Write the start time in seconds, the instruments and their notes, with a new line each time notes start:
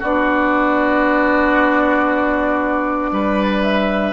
0.00 bassoon B3, clarinet D4, oboe F#4, flute D5
3.11 bassoon G3, oboe B4
3.63 flute E5